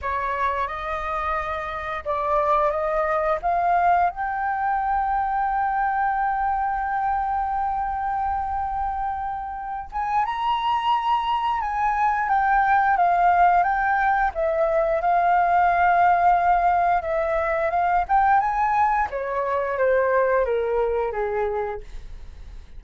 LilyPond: \new Staff \with { instrumentName = "flute" } { \time 4/4 \tempo 4 = 88 cis''4 dis''2 d''4 | dis''4 f''4 g''2~ | g''1~ | g''2~ g''8 gis''8 ais''4~ |
ais''4 gis''4 g''4 f''4 | g''4 e''4 f''2~ | f''4 e''4 f''8 g''8 gis''4 | cis''4 c''4 ais'4 gis'4 | }